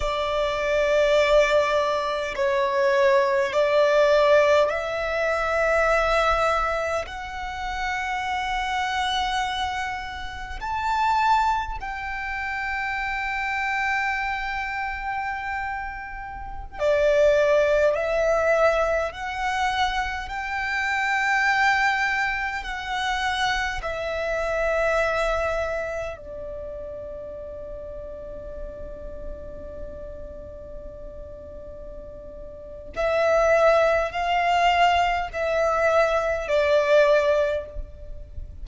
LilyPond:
\new Staff \with { instrumentName = "violin" } { \time 4/4 \tempo 4 = 51 d''2 cis''4 d''4 | e''2 fis''2~ | fis''4 a''4 g''2~ | g''2~ g''16 d''4 e''8.~ |
e''16 fis''4 g''2 fis''8.~ | fis''16 e''2 d''4.~ d''16~ | d''1 | e''4 f''4 e''4 d''4 | }